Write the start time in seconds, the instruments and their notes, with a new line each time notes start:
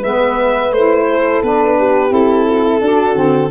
0.00 tuba G#3, saxophone B3, horn B4, violin E5
0.72 tuba A3, saxophone E4, violin C5
1.10 horn A4
1.43 tuba B3, saxophone D4, violin B4
1.78 horn G4
2.09 tuba C4, saxophone E4, violin A4
2.49 horn F#4
2.65 horn E4
2.81 tuba D4, saxophone D4, horn F#4
3.15 tuba D3, saxophone C4